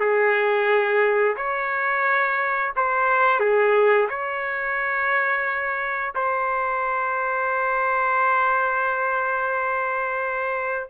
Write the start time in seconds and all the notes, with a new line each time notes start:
0.00 G#4
1.37 C#5
2.76 C5
3.40 G#4
4.09 C#5
6.15 C5